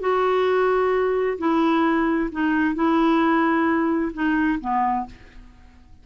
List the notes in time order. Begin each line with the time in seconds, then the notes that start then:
0.00 F#4
1.38 E4
2.32 D#4
2.75 E4
4.13 D#4
4.60 B3